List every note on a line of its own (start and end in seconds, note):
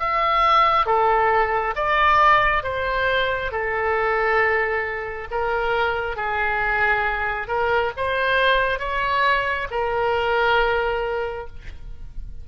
0.00 0.87 E5
0.87 1.75 A4
1.76 2.64 D5
2.64 3.52 C5
3.52 5.28 A4
5.31 6.17 A#4
6.17 7.48 G#4
7.48 7.92 A#4
7.97 8.80 C5
8.80 9.68 C#5
9.71 11.48 A#4